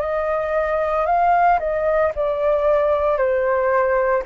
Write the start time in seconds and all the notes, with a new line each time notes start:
0.00 D#5
1.06 F5
1.59 D#5
2.15 D5
3.17 C5